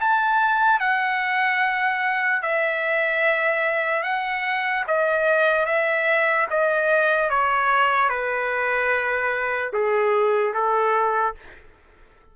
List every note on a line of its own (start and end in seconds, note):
0.00 0.80 A5
0.80 2.42 F#5
2.42 4.03 E5
4.03 4.84 F#5
4.87 5.65 D#5
5.65 6.46 E5
6.50 7.29 D#5
7.29 8.09 C#5
8.09 9.71 B4
9.73 10.53 G#4
10.53 11.34 A4